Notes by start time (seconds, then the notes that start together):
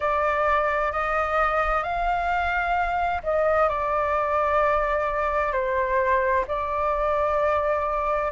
0.00 D5
0.91 D#5
1.83 F5
3.23 D#5
3.68 D5
5.52 C5
6.47 D5